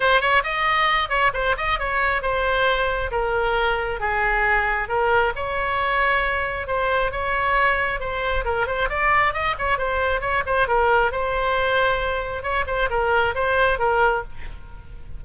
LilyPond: \new Staff \with { instrumentName = "oboe" } { \time 4/4 \tempo 4 = 135 c''8 cis''8 dis''4. cis''8 c''8 dis''8 | cis''4 c''2 ais'4~ | ais'4 gis'2 ais'4 | cis''2. c''4 |
cis''2 c''4 ais'8 c''8 | d''4 dis''8 cis''8 c''4 cis''8 c''8 | ais'4 c''2. | cis''8 c''8 ais'4 c''4 ais'4 | }